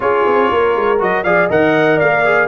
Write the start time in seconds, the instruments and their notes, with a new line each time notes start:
0.00 tuba C#4, trombone F4, horn G#4, trumpet C#5
0.25 tuba C4
0.51 tuba A#3, horn A#4
0.76 tuba G#3
0.99 tuba F#3, trombone F#4, trumpet D#5
1.23 tuba F3, trombone G#4, horn D5, trumpet F5
1.48 tuba D#3, trombone A#4, horn D#5, trumpet F#5
1.96 horn D5, trumpet F5
2.02 tuba A#3
2.24 trombone G#4